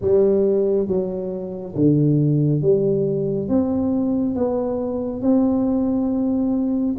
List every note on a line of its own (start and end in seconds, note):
0.01 0.87 G3
0.87 1.74 F#3
1.75 2.61 D3
2.61 3.48 G3
3.48 4.35 C4
4.35 5.21 B3
5.21 6.95 C4